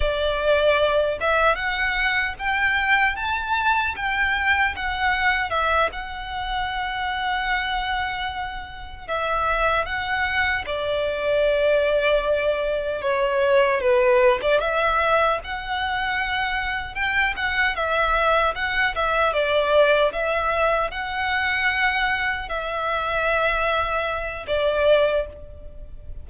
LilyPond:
\new Staff \with { instrumentName = "violin" } { \time 4/4 \tempo 4 = 76 d''4. e''8 fis''4 g''4 | a''4 g''4 fis''4 e''8 fis''8~ | fis''2.~ fis''8 e''8~ | e''8 fis''4 d''2~ d''8~ |
d''8 cis''4 b'8. d''16 e''4 fis''8~ | fis''4. g''8 fis''8 e''4 fis''8 | e''8 d''4 e''4 fis''4.~ | fis''8 e''2~ e''8 d''4 | }